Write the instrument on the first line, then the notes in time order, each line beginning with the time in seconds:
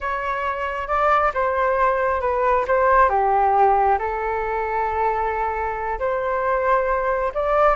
flute
0.00 C#5
0.87 D5
1.34 C5
2.20 B4
2.67 C5
3.09 G4
3.98 A4
5.99 C5
7.34 D5